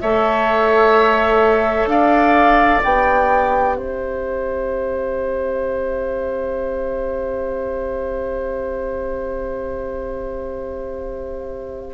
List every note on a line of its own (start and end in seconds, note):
0.00 1.86 A3
0.00 2.84 A4
0.00 1.89 C#5
0.00 1.88 E5
1.86 2.79 D4
1.86 3.77 D5
1.86 2.81 F5
2.83 3.77 B3
2.83 11.94 G4
2.83 3.76 G5
3.76 11.94 C4
3.76 11.94 C5
3.76 11.94 E5